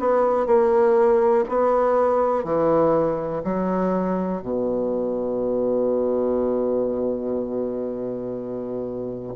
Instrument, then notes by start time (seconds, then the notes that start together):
bassoon
0.00 B3
0.46 A#3
1.49 B3
2.45 E3
3.44 F#3
4.42 B2